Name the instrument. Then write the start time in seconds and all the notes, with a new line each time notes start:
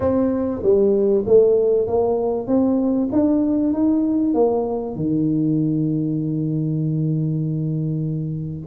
tuba
0.00 C4
0.62 G3
1.26 A3
1.87 A#3
2.47 C4
3.12 D4
3.73 D#4
4.34 A#3
4.95 D#3